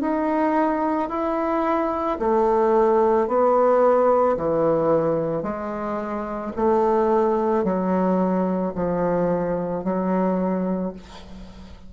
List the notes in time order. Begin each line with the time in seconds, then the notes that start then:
0.00 D#4
1.09 E4
2.19 A3
3.27 B3
4.36 E3
5.42 G#3
6.56 A3
7.64 F#3
8.74 F3
9.83 F#3